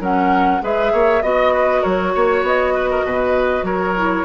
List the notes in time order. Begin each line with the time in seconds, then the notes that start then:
0.00 F#3 C#4 A#4 F#5
0.62 G#3 G#4 B4 E5
0.92 A#3 C#5
1.22 B3 F#4 D#5
1.54 B4
1.81 F#3 A#4 C#5
2.15 A#3 C#5
2.42 B3 D#5
2.74 B4
2.91 A#4
3.05 B2 B4
3.63 F#3 A#4 C#5
3.96 E4